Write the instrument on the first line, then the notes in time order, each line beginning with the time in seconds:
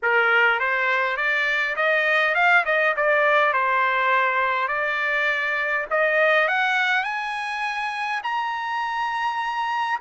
trumpet
0.02 A#4
0.59 C5
1.17 D5
1.76 D#5
2.34 F5
2.65 D#5
2.96 D5
3.53 C5
4.68 D5
5.90 D#5
6.48 F#5
7.03 G#5
8.23 A#5